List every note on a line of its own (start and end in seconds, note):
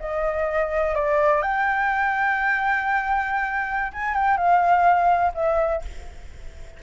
0.00 0.95 D#5
0.95 1.42 D5
1.42 3.92 G5
3.93 4.14 G#5
4.14 4.37 G5
4.37 5.32 F5
5.34 5.82 E5